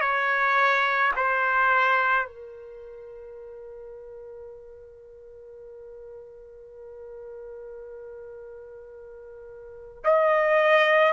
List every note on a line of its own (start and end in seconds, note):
0.00 1.11 C#5
1.16 2.26 C5
2.26 10.04 A#4
10.04 11.12 D#5